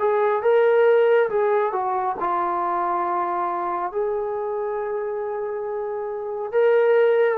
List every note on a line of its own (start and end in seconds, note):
0.00 0.43 G#4
0.43 1.30 A#4
1.30 1.73 G#4
1.73 2.16 F#4
2.20 3.92 F4
3.92 6.52 G#4
6.52 7.38 A#4